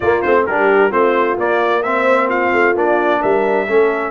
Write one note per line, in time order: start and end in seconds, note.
0.00 0.24 A#3
0.00 0.26 A#3
0.00 0.44 F4
0.00 0.21 D5
0.21 0.48 A3
0.21 0.48 C4
0.21 0.44 C5
0.46 0.92 G3
0.46 0.91 D4
0.46 0.89 G4
0.46 0.91 A#4
0.89 1.37 A3
0.89 1.36 C4
0.89 1.81 F4
0.89 1.37 C5
1.37 1.82 A#3
1.37 2.52 A#3
1.37 1.82 D5
1.82 2.75 C4
1.82 2.28 C5
1.82 2.28 E5
2.28 3.20 F4
2.28 2.75 F5
2.52 2.75 A3
2.75 3.21 A#3
2.75 3.66 D4
2.75 3.22 D5
3.21 3.68 G3
3.21 3.67 A#4
3.21 4.10 E5
3.67 4.10 A3
3.67 4.10 C#4
3.67 4.10 A4